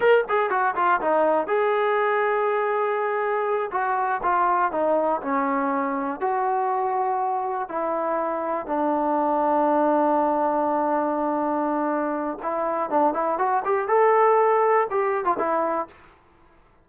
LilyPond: \new Staff \with { instrumentName = "trombone" } { \time 4/4 \tempo 4 = 121 ais'8 gis'8 fis'8 f'8 dis'4 gis'4~ | gis'2.~ gis'8 fis'8~ | fis'8 f'4 dis'4 cis'4.~ | cis'8 fis'2. e'8~ |
e'4. d'2~ d'8~ | d'1~ | d'4 e'4 d'8 e'8 fis'8 g'8 | a'2 g'8. f'16 e'4 | }